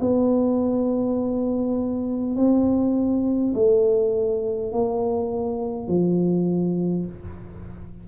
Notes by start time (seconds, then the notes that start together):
0.00 B3
2.35 C4
3.54 A3
4.72 A#3
5.88 F3